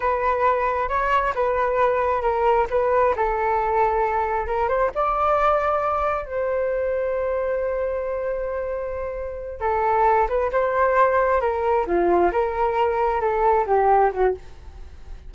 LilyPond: \new Staff \with { instrumentName = "flute" } { \time 4/4 \tempo 4 = 134 b'2 cis''4 b'4~ | b'4 ais'4 b'4 a'4~ | a'2 ais'8 c''8 d''4~ | d''2 c''2~ |
c''1~ | c''4. a'4. b'8 c''8~ | c''4. ais'4 f'4 ais'8~ | ais'4. a'4 g'4 fis'8 | }